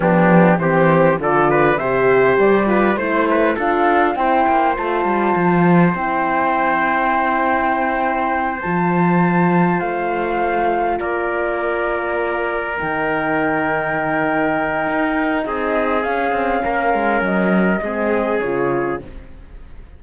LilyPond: <<
  \new Staff \with { instrumentName = "flute" } { \time 4/4 \tempo 4 = 101 g'4 c''4 d''4 e''4 | d''4 c''4 f''4 g''4 | a''2 g''2~ | g''2~ g''8 a''4.~ |
a''8 f''2 d''4.~ | d''4. g''2~ g''8~ | g''2 dis''4 f''4~ | f''4 dis''2 cis''4 | }
  \new Staff \with { instrumentName = "trumpet" } { \time 4/4 d'4 g'4 a'8 b'8 c''4~ | c''8 b'8 c''8 b'8 a'4 c''4~ | c''1~ | c''1~ |
c''2~ c''8 ais'4.~ | ais'1~ | ais'2 gis'2 | ais'2 gis'2 | }
  \new Staff \with { instrumentName = "horn" } { \time 4/4 b4 c'4 f'4 g'4~ | g'8 f'8 e'4 f'4 e'4 | f'2 e'2~ | e'2~ e'8 f'4.~ |
f'1~ | f'4. dis'2~ dis'8~ | dis'2. cis'4~ | cis'2 c'4 f'4 | }
  \new Staff \with { instrumentName = "cello" } { \time 4/4 f4 e4 d4 c4 | g4 a4 d'4 c'8 ais8 | a8 g8 f4 c'2~ | c'2~ c'8 f4.~ |
f8 a2 ais4.~ | ais4. dis2~ dis8~ | dis4 dis'4 c'4 cis'8 c'8 | ais8 gis8 fis4 gis4 cis4 | }
>>